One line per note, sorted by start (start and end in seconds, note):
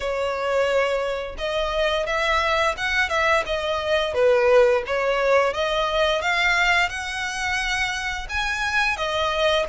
0.00 1.35 C#5
1.38 2.06 D#5
2.06 2.75 E5
2.77 3.09 F#5
3.09 3.43 E5
3.45 4.14 D#5
4.14 4.83 B4
4.86 5.53 C#5
5.53 6.21 D#5
6.21 6.89 F5
6.89 8.27 F#5
8.29 8.97 G#5
8.97 9.66 D#5